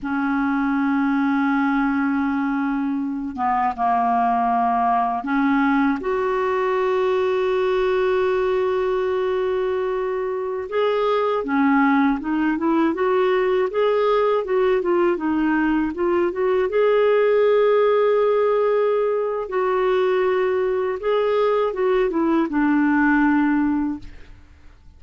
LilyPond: \new Staff \with { instrumentName = "clarinet" } { \time 4/4 \tempo 4 = 80 cis'1~ | cis'8 b8 ais2 cis'4 | fis'1~ | fis'2~ fis'16 gis'4 cis'8.~ |
cis'16 dis'8 e'8 fis'4 gis'4 fis'8 f'16~ | f'16 dis'4 f'8 fis'8 gis'4.~ gis'16~ | gis'2 fis'2 | gis'4 fis'8 e'8 d'2 | }